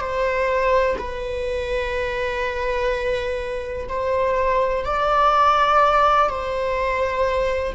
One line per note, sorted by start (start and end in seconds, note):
0.00 0.97 C5
0.98 3.88 B4
3.89 4.85 C5
4.85 6.29 D5
6.29 7.75 C5